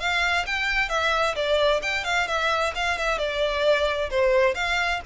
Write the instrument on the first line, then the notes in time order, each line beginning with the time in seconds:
violin
0.00 F5
0.46 G5
0.89 E5
1.36 D5
1.83 G5
2.05 F5
2.28 E5
2.75 F5
2.98 E5
3.18 D5
4.11 C5
4.55 F5